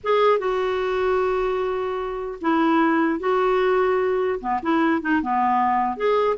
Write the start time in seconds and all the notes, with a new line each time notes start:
0.03 G#4
0.38 F#4
2.41 E4
3.19 F#4
4.40 B3
4.62 E4
5.01 D#4
5.22 B3
5.96 G#4